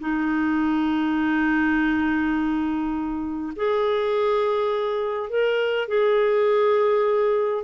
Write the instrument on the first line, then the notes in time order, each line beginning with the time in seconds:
clarinet
0.00 D#4
3.56 G#4
5.29 A#4
5.88 G#4